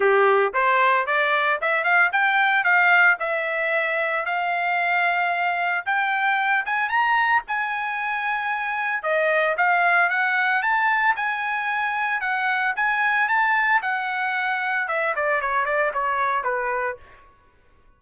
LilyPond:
\new Staff \with { instrumentName = "trumpet" } { \time 4/4 \tempo 4 = 113 g'4 c''4 d''4 e''8 f''8 | g''4 f''4 e''2 | f''2. g''4~ | g''8 gis''8 ais''4 gis''2~ |
gis''4 dis''4 f''4 fis''4 | a''4 gis''2 fis''4 | gis''4 a''4 fis''2 | e''8 d''8 cis''8 d''8 cis''4 b'4 | }